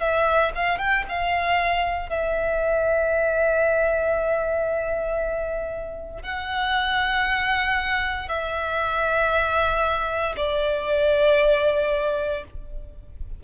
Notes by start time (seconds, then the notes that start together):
0.00 E5
0.55 F5
0.78 G5
1.08 F5
2.09 E5
6.22 F#5
8.28 E5
10.36 D5